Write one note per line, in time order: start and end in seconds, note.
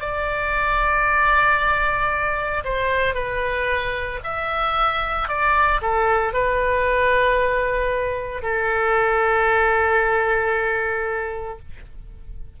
0.00 2.63 D5
2.64 3.14 C5
3.14 4.19 B4
4.23 5.28 E5
5.28 5.80 D5
5.81 6.33 A4
6.33 8.42 B4
8.42 11.58 A4